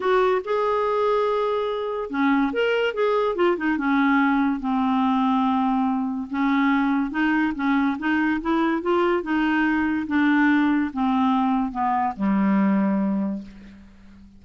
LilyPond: \new Staff \with { instrumentName = "clarinet" } { \time 4/4 \tempo 4 = 143 fis'4 gis'2.~ | gis'4 cis'4 ais'4 gis'4 | f'8 dis'8 cis'2 c'4~ | c'2. cis'4~ |
cis'4 dis'4 cis'4 dis'4 | e'4 f'4 dis'2 | d'2 c'2 | b4 g2. | }